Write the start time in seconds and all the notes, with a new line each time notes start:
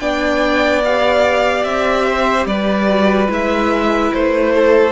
0.00 B3 D4 D5 G5
0.85 G4 F5
1.64 C4 E5
2.07 C5
2.46 G3 B4 D5
2.89 F#4
3.29 G#3 E4 E5
4.14 A3 C5
4.56 A4